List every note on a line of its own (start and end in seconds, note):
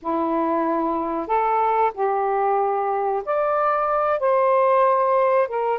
0.01 1.27 E4
1.27 1.91 A4
1.94 3.23 G4
3.25 4.19 D5
4.19 5.47 C5
5.47 5.79 A#4